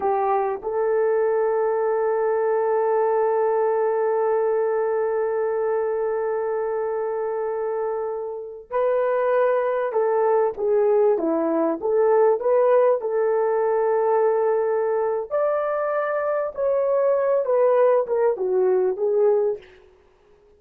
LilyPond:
\new Staff \with { instrumentName = "horn" } { \time 4/4 \tempo 4 = 98 g'4 a'2.~ | a'1~ | a'1~ | a'2~ a'16 b'4.~ b'16~ |
b'16 a'4 gis'4 e'4 a'8.~ | a'16 b'4 a'2~ a'8.~ | a'4 d''2 cis''4~ | cis''8 b'4 ais'8 fis'4 gis'4 | }